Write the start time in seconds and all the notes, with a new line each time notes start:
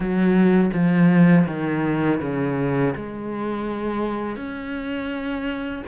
0.00 F#3
0.73 F3
1.47 D#3
2.21 C#3
2.96 G#3
4.36 C#4